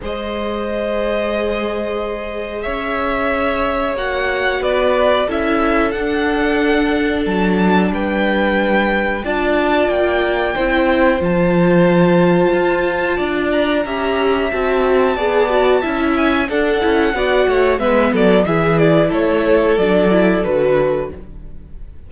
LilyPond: <<
  \new Staff \with { instrumentName = "violin" } { \time 4/4 \tempo 4 = 91 dis''1 | e''2 fis''4 d''4 | e''4 fis''2 a''4 | g''2 a''4 g''4~ |
g''4 a''2.~ | a''8 ais''4. a''2~ | a''8 gis''8 fis''2 e''8 d''8 | e''8 d''8 cis''4 d''4 b'4 | }
  \new Staff \with { instrumentName = "violin" } { \time 4/4 c''1 | cis''2. b'4 | a'1 | b'2 d''2 |
c''1 | d''4 e''2 d''4 | e''4 a'4 d''8 cis''8 b'8 a'8 | gis'4 a'2. | }
  \new Staff \with { instrumentName = "viola" } { \time 4/4 gis'1~ | gis'2 fis'2 | e'4 d'2.~ | d'2 f'2 |
e'4 f'2.~ | f'4 g'4 fis'4 gis'8 fis'8 | e'4 d'8 e'8 fis'4 b4 | e'2 d'8 e'8 fis'4 | }
  \new Staff \with { instrumentName = "cello" } { \time 4/4 gis1 | cis'2 ais4 b4 | cis'4 d'2 fis4 | g2 d'4 ais4 |
c'4 f2 f'4 | d'4 cis'4 c'4 b4 | cis'4 d'8 cis'8 b8 a8 gis8 fis8 | e4 a4 fis4 d4 | }
>>